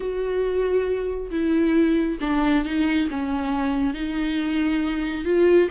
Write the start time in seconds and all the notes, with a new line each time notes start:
0.00 F#4
1.30 E4
2.21 D4
2.64 D#4
3.10 C#4
3.94 D#4
5.25 F4